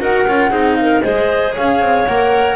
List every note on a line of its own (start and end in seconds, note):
0.00 0.26 D#4
0.00 0.26 F#4
0.00 0.50 A#4
0.00 0.75 F#5
0.27 0.50 C#4
0.27 0.51 F4
0.50 1.01 C4
0.50 1.02 D#4
0.50 0.75 G#4
0.75 1.02 A#4
0.75 1.01 F5
1.01 1.56 G#3
1.01 2.07 G#4
1.01 1.54 C5
1.01 1.53 D#5
1.54 1.80 C#4
1.54 2.56 C#5
1.54 2.06 F5
1.80 2.05 C4
2.06 2.56 A#3
2.06 2.56 A#4
2.06 2.56 F#5